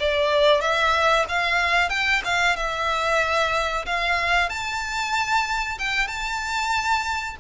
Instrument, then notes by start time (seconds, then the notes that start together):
violin
0.00 D5
0.61 E5
1.29 F5
1.89 G5
2.25 F5
2.57 E5
3.86 F5
4.50 A5
5.79 G5
6.07 A5